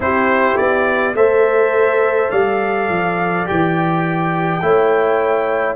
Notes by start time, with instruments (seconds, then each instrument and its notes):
0.00 tuba C4, trombone E4, horn G4, trumpet C5
0.57 tuba B3, trumpet D5
1.13 tuba A3, trombone A4, horn C5, trumpet E5
2.31 tuba G3, horn D5, trumpet F5
2.89 tuba F3
3.45 tuba E3, trombone G4, trumpet G5
4.61 tuba A3, trombone E4, horn C#5